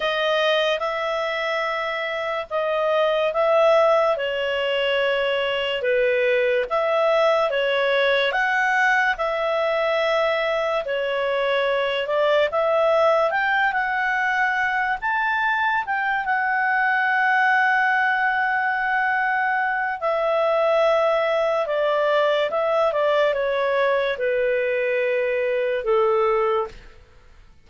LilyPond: \new Staff \with { instrumentName = "clarinet" } { \time 4/4 \tempo 4 = 72 dis''4 e''2 dis''4 | e''4 cis''2 b'4 | e''4 cis''4 fis''4 e''4~ | e''4 cis''4. d''8 e''4 |
g''8 fis''4. a''4 g''8 fis''8~ | fis''1 | e''2 d''4 e''8 d''8 | cis''4 b'2 a'4 | }